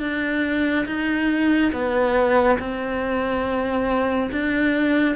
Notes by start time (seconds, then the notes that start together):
0.00 D4
0.86 D#4
1.73 B3
2.59 C4
4.32 D4